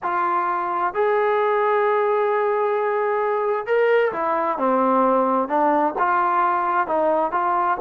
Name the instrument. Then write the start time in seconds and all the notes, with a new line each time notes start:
trombone
0.02 F4
0.93 G#4
3.66 A#4
4.12 E4
4.57 C4
5.48 D4
5.98 F4
6.87 D#4
7.31 F4